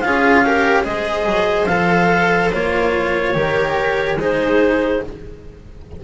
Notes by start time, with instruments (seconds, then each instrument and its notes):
0.00 double bass C#4, cello F4, viola G#4, clarinet F5
0.44 cello G4, viola A#4
0.83 double bass G#3, cello G#4, viola C5, clarinet D#5
1.25 double bass F#3
1.65 double bass F3, cello A4, clarinet F5
2.52 double bass A#3, cello F4, clarinet C#5
3.34 double bass D#3, cello G4, viola A#4
4.16 double bass G#3, cello D#4, viola G#4, clarinet C5